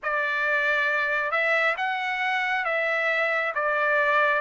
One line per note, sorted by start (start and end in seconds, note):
0.02 1.31 D5
1.31 1.75 E5
1.76 2.65 F#5
2.65 3.53 E5
3.54 4.41 D5